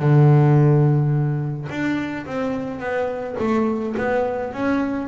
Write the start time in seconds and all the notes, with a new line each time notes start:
0.00 D3
1.70 D4
2.26 C4
2.80 B3
3.40 A3
3.97 B3
4.53 C#4